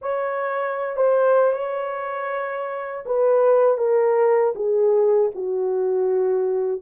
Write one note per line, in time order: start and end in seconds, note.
0.01 0.96 C#5
0.96 1.52 C5
1.52 3.04 C#5
3.06 3.77 B4
3.77 4.53 A#4
4.55 5.31 G#4
5.34 6.81 F#4